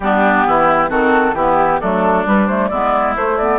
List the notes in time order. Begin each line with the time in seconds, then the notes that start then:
0.00 G3 B3 D4 G4
0.46 E3 E4
0.89 D#3 C4 F#4 A4
1.33 E3 B3 E4 G4
1.80 F#3 A3 D4 A4
2.25 G3 B4
2.46 A3 C5
2.68 G#3 B3 E4 D5
3.16 A3 C5
3.37 B3 D5